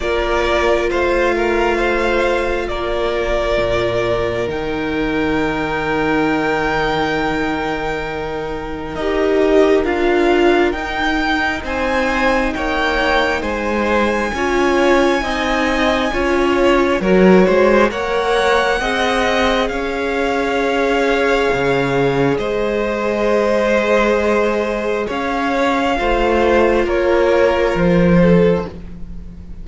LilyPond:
<<
  \new Staff \with { instrumentName = "violin" } { \time 4/4 \tempo 4 = 67 d''4 f''2 d''4~ | d''4 g''2.~ | g''2 dis''4 f''4 | g''4 gis''4 g''4 gis''4~ |
gis''2. cis''4 | fis''2 f''2~ | f''4 dis''2. | f''2 cis''4 c''4 | }
  \new Staff \with { instrumentName = "violin" } { \time 4/4 ais'4 c''8 ais'8 c''4 ais'4~ | ais'1~ | ais'1~ | ais'4 c''4 cis''4 c''4 |
cis''4 dis''4 cis''4 ais'8 c''8 | cis''4 dis''4 cis''2~ | cis''4 c''2. | cis''4 c''4 ais'4. a'8 | }
  \new Staff \with { instrumentName = "viola" } { \time 4/4 f'1~ | f'4 dis'2.~ | dis'2 g'4 f'4 | dis'1 |
f'4 dis'4 f'4 fis'4 | ais'4 gis'2.~ | gis'1~ | gis'4 f'2. | }
  \new Staff \with { instrumentName = "cello" } { \time 4/4 ais4 a2 ais4 | ais,4 dis2.~ | dis2 dis'4 d'4 | dis'4 c'4 ais4 gis4 |
cis'4 c'4 cis'4 fis8 gis8 | ais4 c'4 cis'2 | cis4 gis2. | cis'4 a4 ais4 f4 | }
>>